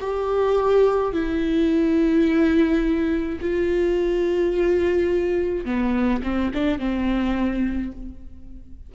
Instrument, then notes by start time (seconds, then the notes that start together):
viola
0.00 G4
1.13 E4
3.41 F4
5.65 B3
6.23 C4
6.54 D4
6.79 C4